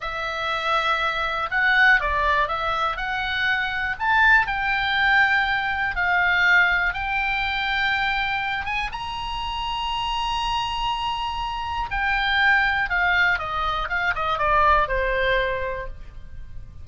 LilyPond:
\new Staff \with { instrumentName = "oboe" } { \time 4/4 \tempo 4 = 121 e''2. fis''4 | d''4 e''4 fis''2 | a''4 g''2. | f''2 g''2~ |
g''4. gis''8 ais''2~ | ais''1 | g''2 f''4 dis''4 | f''8 dis''8 d''4 c''2 | }